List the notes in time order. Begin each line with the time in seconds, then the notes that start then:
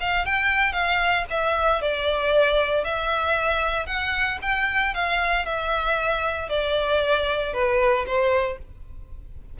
0.00 F5
0.25 G5
0.73 F5
1.30 E5
1.81 D5
2.84 E5
3.86 F#5
4.42 G5
4.94 F5
5.45 E5
6.49 D5
7.53 B4
8.06 C5